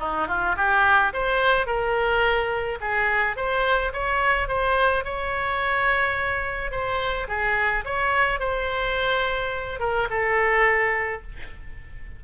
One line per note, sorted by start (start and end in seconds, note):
0.00 0.28 D#4
0.28 0.56 F4
0.57 1.13 G4
1.13 1.67 C5
1.67 2.79 A#4
2.81 3.37 G#4
3.37 3.93 C5
3.93 4.49 C#5
4.49 5.05 C5
5.05 6.72 C#5
6.72 7.28 C5
7.29 7.85 G#4
7.85 8.40 C#5
8.40 9.80 C5
9.80 10.08 A#4
10.10 11.23 A4